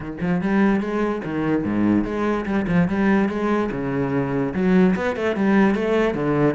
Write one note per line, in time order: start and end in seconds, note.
0.00 0.17 D#3
0.21 0.41 F3
0.41 0.80 G3
0.80 1.21 G#3
1.24 1.63 D#3
1.63 2.04 G#2
2.04 2.45 G#3
2.45 2.66 G3
2.67 2.88 F3
2.88 3.28 G3
3.28 3.69 G#3
3.71 4.53 C#3
4.54 4.95 F#3
4.95 5.16 B3
5.16 5.36 A3
5.36 5.74 G3
5.74 6.14 A3
6.14 6.55 D3